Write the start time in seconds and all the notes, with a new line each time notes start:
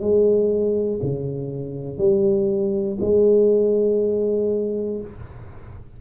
0.00 G#3
1.02 C#3
1.97 G3
3.00 G#3